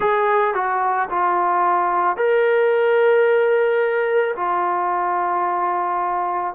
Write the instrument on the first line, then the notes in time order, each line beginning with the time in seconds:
trombone
0.00 G#4
0.54 F#4
1.09 F4
2.16 A#4
4.36 F4